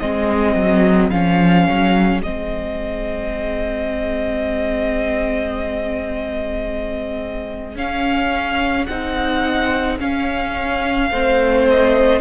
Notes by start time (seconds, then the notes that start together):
0.00 G#3 C4 G#4 D#5
0.55 F#3
1.10 F3 C#4 F5
1.69 F#3
2.22 G#3 C4 D#5
7.76 C#4 F5
8.86 C4 D#4 F#5
10.00 C#4 F5
11.11 A3 C4 C5
11.71 D#5